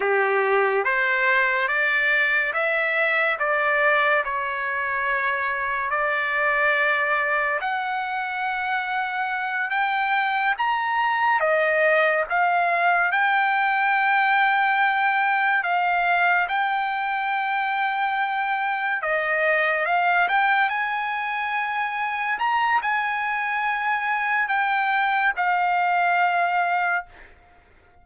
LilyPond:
\new Staff \with { instrumentName = "trumpet" } { \time 4/4 \tempo 4 = 71 g'4 c''4 d''4 e''4 | d''4 cis''2 d''4~ | d''4 fis''2~ fis''8 g''8~ | g''8 ais''4 dis''4 f''4 g''8~ |
g''2~ g''8 f''4 g''8~ | g''2~ g''8 dis''4 f''8 | g''8 gis''2 ais''8 gis''4~ | gis''4 g''4 f''2 | }